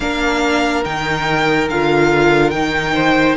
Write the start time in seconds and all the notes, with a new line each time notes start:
0.00 A#3 D4 A#4 F5
0.84 D#3 D#4 G5
1.69 D3 F4 F5
2.50 D#3 D#4 G5
2.94 C5